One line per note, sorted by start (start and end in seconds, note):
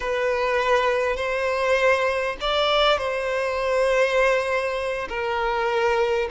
0.00 1.16 B4
1.16 2.36 C5
2.40 2.98 D5
2.98 5.08 C5
5.08 6.28 A#4